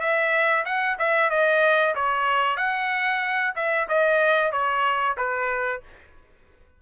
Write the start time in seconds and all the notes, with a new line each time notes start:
0.00 E5
0.65 F#5
0.99 E5
1.30 D#5
1.95 C#5
2.57 F#5
3.56 E5
3.88 D#5
4.52 C#5
5.17 B4